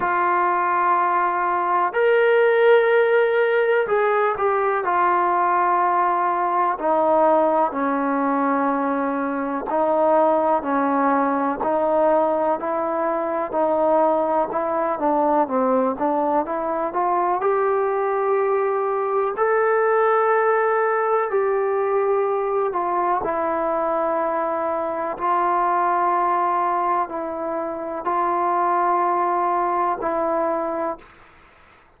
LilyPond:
\new Staff \with { instrumentName = "trombone" } { \time 4/4 \tempo 4 = 62 f'2 ais'2 | gis'8 g'8 f'2 dis'4 | cis'2 dis'4 cis'4 | dis'4 e'4 dis'4 e'8 d'8 |
c'8 d'8 e'8 f'8 g'2 | a'2 g'4. f'8 | e'2 f'2 | e'4 f'2 e'4 | }